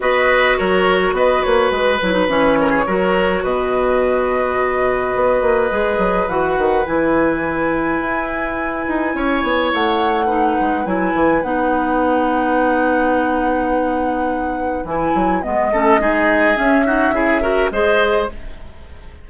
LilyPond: <<
  \new Staff \with { instrumentName = "flute" } { \time 4/4 \tempo 4 = 105 dis''4 cis''4 dis''8 cis''8 b'4 | cis''2 dis''2~ | dis''2. fis''4 | gis''1~ |
gis''4 fis''2 gis''4 | fis''1~ | fis''2 gis''4 dis''4~ | dis''4 e''2 dis''4 | }
  \new Staff \with { instrumentName = "oboe" } { \time 4/4 b'4 ais'4 b'2~ | b'8 ais'16 gis'16 ais'4 b'2~ | b'1~ | b'1 |
cis''2 b'2~ | b'1~ | b'2.~ b'8 a'8 | gis'4. fis'8 gis'8 ais'8 c''4 | }
  \new Staff \with { instrumentName = "clarinet" } { \time 4/4 fis'2.~ fis'8 e'16 dis'16 | cis'4 fis'2.~ | fis'2 gis'4 fis'4 | e'1~ |
e'2 dis'4 e'4 | dis'1~ | dis'2 e'4 b8 cis'8 | dis'4 cis'8 dis'8 e'8 fis'8 gis'4 | }
  \new Staff \with { instrumentName = "bassoon" } { \time 4/4 b4 fis4 b8 ais8 gis8 fis8 | e4 fis4 b,2~ | b,4 b8 ais8 gis8 fis8 e8 dis8 | e2 e'4. dis'8 |
cis'8 b8 a4. gis8 fis8 e8 | b1~ | b2 e8 fis8 gis8 a8 | gis4 cis'4 cis4 gis4 | }
>>